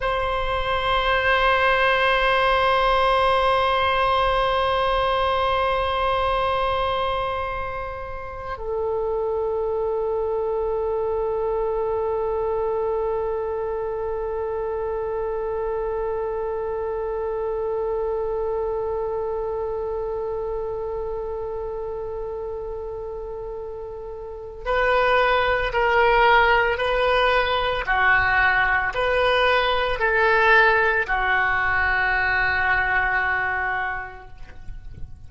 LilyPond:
\new Staff \with { instrumentName = "oboe" } { \time 4/4 \tempo 4 = 56 c''1~ | c''1 | a'1~ | a'1~ |
a'1~ | a'2. b'4 | ais'4 b'4 fis'4 b'4 | a'4 fis'2. | }